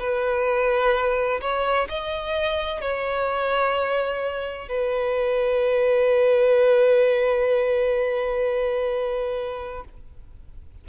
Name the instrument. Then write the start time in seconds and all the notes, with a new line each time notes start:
violin
0.00 B4
1.41 C#5
1.89 D#5
2.82 C#5
4.69 B4